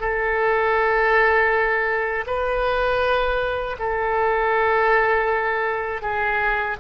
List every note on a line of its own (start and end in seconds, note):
0.00 2.25 A4
2.27 3.77 B4
3.79 6.02 A4
6.02 6.77 G#4